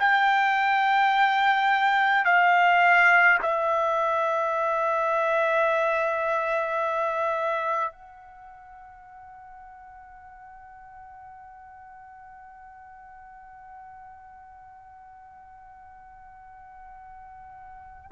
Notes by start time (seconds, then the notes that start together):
0.00 G5
2.25 F5
3.43 E5
7.92 F#5